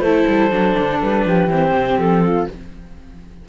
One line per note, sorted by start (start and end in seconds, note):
0.00 0.24 A3
0.00 0.50 E4
0.00 1.26 A4
0.00 0.98 C5
0.27 0.51 G3
0.50 0.76 F#3
0.50 1.48 D4
0.79 1.02 D3
1.02 1.26 G3
1.02 1.50 B4
1.26 1.47 F3
1.26 2.24 G4
1.47 1.72 E3
1.47 2.48 C4
1.47 1.99 C5
1.73 1.97 C3
1.97 2.46 F3
1.97 2.48 A4
2.24 2.49 F4